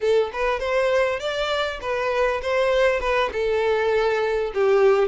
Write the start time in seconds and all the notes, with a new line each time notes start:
0.00 A4
0.32 B4
0.59 C5
1.19 D5
1.81 B4
2.42 C5
3.00 B4
3.32 A4
4.54 G4